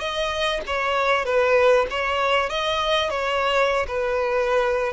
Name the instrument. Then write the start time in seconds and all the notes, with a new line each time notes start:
violin
0.00 D#5
0.67 C#5
1.25 B4
1.90 C#5
2.49 D#5
3.10 C#5
3.87 B4